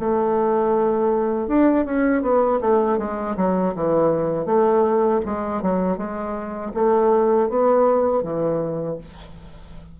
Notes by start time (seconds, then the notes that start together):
0.00 A3
1.48 D4
1.85 C#4
2.22 B3
2.61 A3
2.98 G#3
3.37 F#3
3.75 E3
4.46 A3
5.25 G#3
5.62 F#3
5.97 G#3
6.74 A3
7.49 B3
8.23 E3